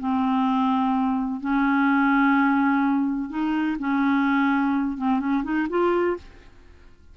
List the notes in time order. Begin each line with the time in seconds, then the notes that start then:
0.00 C4
1.41 C#4
3.30 D#4
3.79 C#4
4.98 C4
5.20 C#4
5.44 D#4
5.69 F4